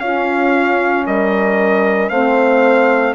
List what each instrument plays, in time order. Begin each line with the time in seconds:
0.00 bassoon C#4, saxophone C#4, horn F4, trumpet F5
1.06 bassoon G3, horn A#4, trumpet D#5
2.09 bassoon A3, saxophone C4, horn C5, trumpet F5